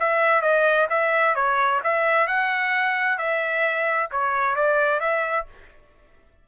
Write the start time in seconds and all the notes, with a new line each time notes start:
0.00 E5
0.42 D#5
0.90 E5
1.36 C#5
1.84 E5
2.28 F#5
3.19 E5
4.12 C#5
4.56 D5
5.01 E5